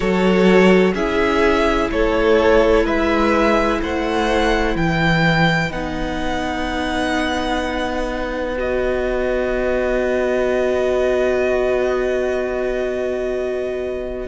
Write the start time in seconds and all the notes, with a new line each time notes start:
0.00 F#3 F#4 A4 C#5
0.94 C#4 E4 G#4 E5
1.90 A3 A4 C#5
2.84 G#3 B4 E5
3.82 A3 C5 F#5
4.75 E3 B4 G5
5.69 B3 D#4 F#5
8.57 F#4 D#5